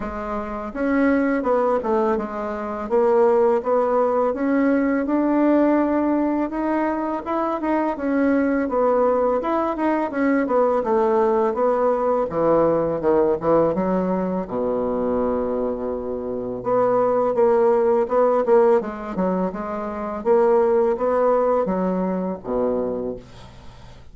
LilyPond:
\new Staff \with { instrumentName = "bassoon" } { \time 4/4 \tempo 4 = 83 gis4 cis'4 b8 a8 gis4 | ais4 b4 cis'4 d'4~ | d'4 dis'4 e'8 dis'8 cis'4 | b4 e'8 dis'8 cis'8 b8 a4 |
b4 e4 dis8 e8 fis4 | b,2. b4 | ais4 b8 ais8 gis8 fis8 gis4 | ais4 b4 fis4 b,4 | }